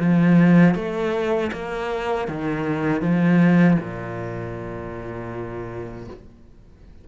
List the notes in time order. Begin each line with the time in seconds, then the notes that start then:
0.00 F3
0.75 A3
1.53 A#3
2.28 D#3
3.02 F3
3.80 A#2